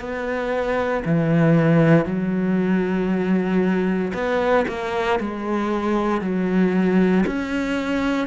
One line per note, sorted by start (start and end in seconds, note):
0.00 1.03 B3
1.05 2.05 E3
2.05 4.12 F#3
4.14 4.66 B3
4.68 5.20 A#3
5.20 6.22 G#3
6.22 7.25 F#3
7.26 8.28 C#4